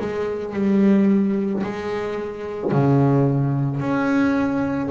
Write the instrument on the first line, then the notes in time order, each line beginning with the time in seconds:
double bass
0.00 G#3
0.54 G3
1.63 G#3
2.71 C#3
3.80 C#4